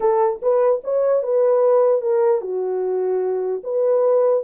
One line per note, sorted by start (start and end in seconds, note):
0.00 0.40 A4
0.42 0.82 B4
0.84 1.23 C#5
1.23 2.01 B4
2.01 2.41 A#4
2.41 3.61 F#4
3.63 4.43 B4